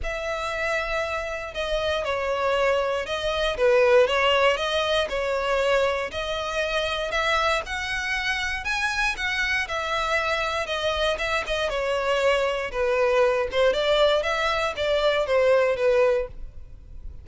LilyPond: \new Staff \with { instrumentName = "violin" } { \time 4/4 \tempo 4 = 118 e''2. dis''4 | cis''2 dis''4 b'4 | cis''4 dis''4 cis''2 | dis''2 e''4 fis''4~ |
fis''4 gis''4 fis''4 e''4~ | e''4 dis''4 e''8 dis''8 cis''4~ | cis''4 b'4. c''8 d''4 | e''4 d''4 c''4 b'4 | }